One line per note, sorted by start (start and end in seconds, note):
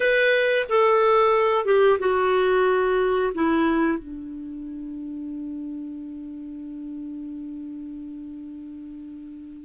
0.00 0.66 B4
0.68 1.65 A4
1.65 1.98 G4
1.99 3.32 F#4
3.34 3.98 E4
3.98 9.65 D4